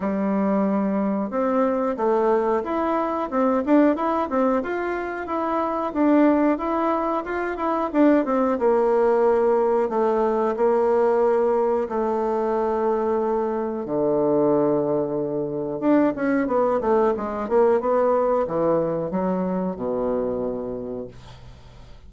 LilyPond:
\new Staff \with { instrumentName = "bassoon" } { \time 4/4 \tempo 4 = 91 g2 c'4 a4 | e'4 c'8 d'8 e'8 c'8 f'4 | e'4 d'4 e'4 f'8 e'8 | d'8 c'8 ais2 a4 |
ais2 a2~ | a4 d2. | d'8 cis'8 b8 a8 gis8 ais8 b4 | e4 fis4 b,2 | }